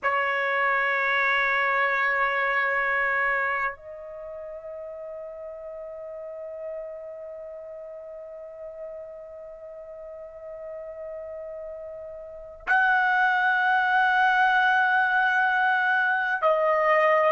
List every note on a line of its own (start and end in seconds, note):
0.03 3.75 C#5
3.75 12.66 D#5
12.66 16.41 F#5
16.41 17.32 D#5